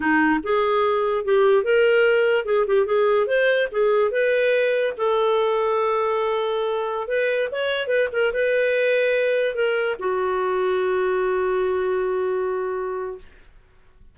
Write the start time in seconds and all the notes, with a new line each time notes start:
0.00 D#4
0.43 G#4
1.24 G4
1.63 A#4
2.45 G#4
2.66 G4
2.86 G#4
3.27 C5
3.71 G#4
4.11 B4
4.97 A4
7.07 B4
7.51 C#5
7.87 B4
8.12 A#4
8.33 B4
9.54 A#4
9.99 F#4